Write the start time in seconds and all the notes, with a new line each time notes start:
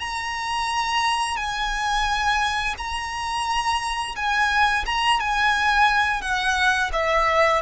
0.00 A#5
1.37 G#5
2.78 A#5
4.16 G#5
4.86 A#5
5.20 G#5
6.22 F#5
6.93 E5